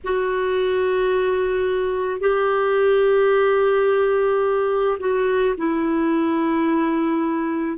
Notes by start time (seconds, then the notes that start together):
0.04 F#4
2.20 G4
4.99 F#4
5.57 E4